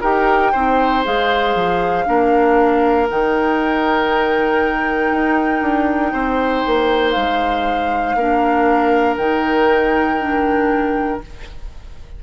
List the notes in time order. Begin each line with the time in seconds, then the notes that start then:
0.00 D#4 G4 A#4 G5
0.52 C4 D#4 C5
1.04 G#3 G#4 F5
1.54 F3
2.05 A#3 D4 A#4
3.09 D#3 D#4 G5
5.10 D#4
5.61 D4
6.12 C4 C5
6.66 A#3
7.11 G#3 F5
8.15 A#3 D4 A#4
9.17 D#3 D#4 G5
10.19 D4